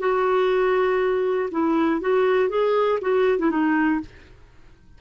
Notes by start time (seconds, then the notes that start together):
0.00 F#4
1.52 E4
2.01 F#4
2.50 G#4
3.02 F#4
3.39 E4
3.51 D#4